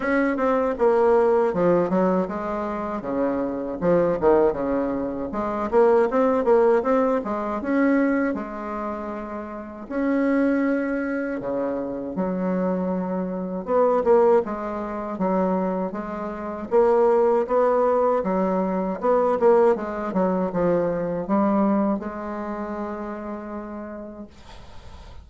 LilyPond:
\new Staff \with { instrumentName = "bassoon" } { \time 4/4 \tempo 4 = 79 cis'8 c'8 ais4 f8 fis8 gis4 | cis4 f8 dis8 cis4 gis8 ais8 | c'8 ais8 c'8 gis8 cis'4 gis4~ | gis4 cis'2 cis4 |
fis2 b8 ais8 gis4 | fis4 gis4 ais4 b4 | fis4 b8 ais8 gis8 fis8 f4 | g4 gis2. | }